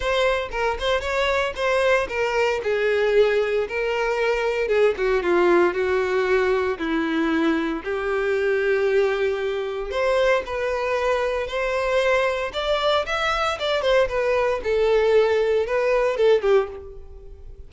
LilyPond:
\new Staff \with { instrumentName = "violin" } { \time 4/4 \tempo 4 = 115 c''4 ais'8 c''8 cis''4 c''4 | ais'4 gis'2 ais'4~ | ais'4 gis'8 fis'8 f'4 fis'4~ | fis'4 e'2 g'4~ |
g'2. c''4 | b'2 c''2 | d''4 e''4 d''8 c''8 b'4 | a'2 b'4 a'8 g'8 | }